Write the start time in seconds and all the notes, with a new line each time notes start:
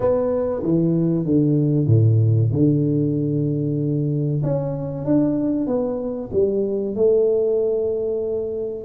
0.00 B3
0.63 E3
1.25 D3
1.86 A2
2.52 D3
4.43 C#4
5.05 D4
5.67 B3
6.32 G3
6.95 A3